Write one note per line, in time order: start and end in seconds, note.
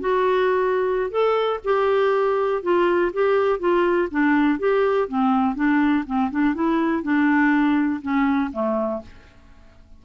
0.00 1.11 F#4
1.11 1.60 A4
1.64 2.62 G4
2.62 3.12 F4
3.13 3.59 G4
3.59 4.08 F4
4.11 4.59 D4
4.59 5.08 G4
5.08 5.55 C4
5.55 6.04 D4
6.06 6.31 C4
6.31 6.55 D4
6.55 7.03 E4
7.03 8.01 D4
8.02 8.51 C#4
8.53 9.02 A3